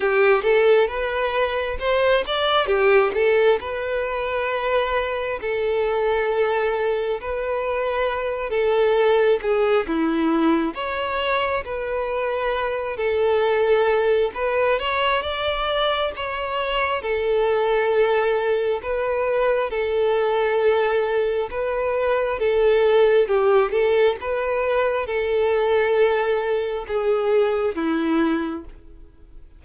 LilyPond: \new Staff \with { instrumentName = "violin" } { \time 4/4 \tempo 4 = 67 g'8 a'8 b'4 c''8 d''8 g'8 a'8 | b'2 a'2 | b'4. a'4 gis'8 e'4 | cis''4 b'4. a'4. |
b'8 cis''8 d''4 cis''4 a'4~ | a'4 b'4 a'2 | b'4 a'4 g'8 a'8 b'4 | a'2 gis'4 e'4 | }